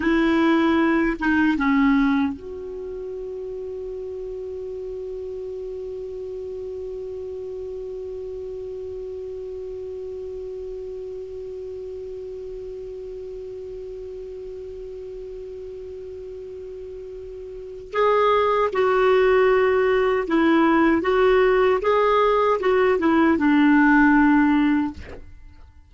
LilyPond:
\new Staff \with { instrumentName = "clarinet" } { \time 4/4 \tempo 4 = 77 e'4. dis'8 cis'4 fis'4~ | fis'1~ | fis'1~ | fis'1~ |
fis'1~ | fis'2. gis'4 | fis'2 e'4 fis'4 | gis'4 fis'8 e'8 d'2 | }